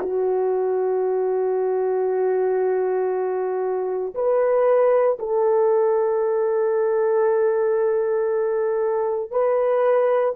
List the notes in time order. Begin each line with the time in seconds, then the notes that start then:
0.00 F#4
4.14 B4
5.19 A4
9.31 B4